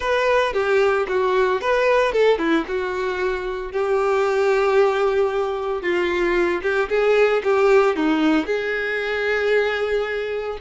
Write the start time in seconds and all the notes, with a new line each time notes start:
0.00 B4
0.53 G4
1.08 F#4
1.61 B4
2.12 A4
2.38 E4
2.67 F#4
3.72 G4
5.81 F4
6.62 G4
6.89 G#4
7.43 G4
7.96 D#4
8.46 G#4